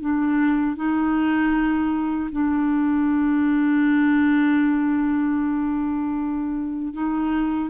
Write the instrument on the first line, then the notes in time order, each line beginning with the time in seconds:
clarinet
0.00 D4
0.76 D#4
2.31 D4
6.93 D#4